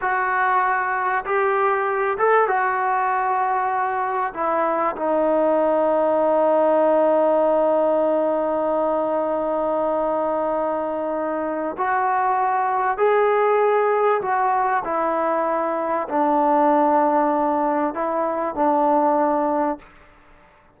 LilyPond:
\new Staff \with { instrumentName = "trombone" } { \time 4/4 \tempo 4 = 97 fis'2 g'4. a'8 | fis'2. e'4 | dis'1~ | dis'1~ |
dis'2. fis'4~ | fis'4 gis'2 fis'4 | e'2 d'2~ | d'4 e'4 d'2 | }